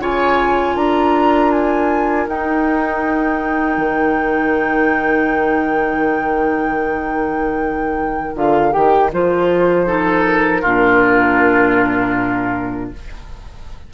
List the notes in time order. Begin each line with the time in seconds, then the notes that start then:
0.00 C#3 F4 C#5 G#5
0.75 D4 A#4 A#5
1.52 G#5
2.28 D#4 G5
3.78 D#3
8.35 D3 F4 F5
8.72 D#3 G4 G5
9.12 F3 F4 C5
9.87 D#4 A4
10.26 A#4
10.62 A#2 D4 F4